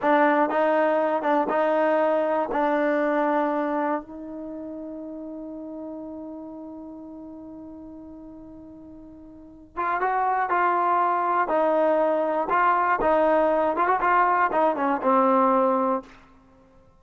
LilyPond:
\new Staff \with { instrumentName = "trombone" } { \time 4/4 \tempo 4 = 120 d'4 dis'4. d'8 dis'4~ | dis'4 d'2. | dis'1~ | dis'1~ |
dis'2.~ dis'8 f'8 | fis'4 f'2 dis'4~ | dis'4 f'4 dis'4. f'16 fis'16 | f'4 dis'8 cis'8 c'2 | }